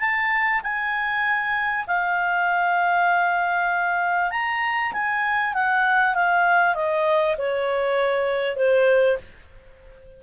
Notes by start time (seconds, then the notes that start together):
0.00 A5
0.63 G#5
1.87 F5
4.31 A#5
4.93 G#5
5.54 F#5
6.15 F5
6.75 D#5
7.38 C#5
8.56 C5